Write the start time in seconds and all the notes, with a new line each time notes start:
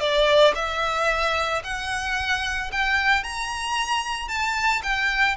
0.00 D5
0.55 E5
1.63 F#5
2.72 G5
3.23 A#5
4.28 A5
4.83 G5